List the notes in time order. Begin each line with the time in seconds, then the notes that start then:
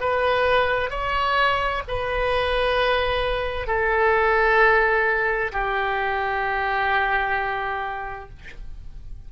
0.00 B4
0.90 C#5
1.88 B4
3.67 A4
5.52 G4